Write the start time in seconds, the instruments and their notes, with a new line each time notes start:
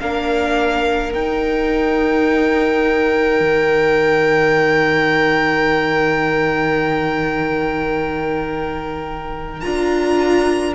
0.00 cello A#3, viola D4, violin A#4 F5
1.13 viola D#4, cello D#4, violin G5
3.41 cello D#3
9.61 cello D4, viola F4, violin A#5